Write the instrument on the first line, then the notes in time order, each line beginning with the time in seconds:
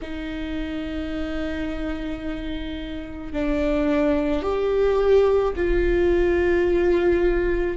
viola
0.01 D#4
3.32 D4
4.42 G4
5.56 F4